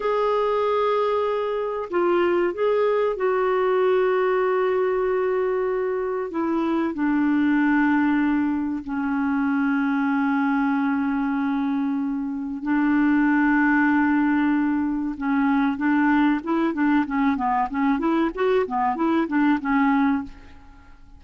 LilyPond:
\new Staff \with { instrumentName = "clarinet" } { \time 4/4 \tempo 4 = 95 gis'2. f'4 | gis'4 fis'2.~ | fis'2 e'4 d'4~ | d'2 cis'2~ |
cis'1 | d'1 | cis'4 d'4 e'8 d'8 cis'8 b8 | cis'8 e'8 fis'8 b8 e'8 d'8 cis'4 | }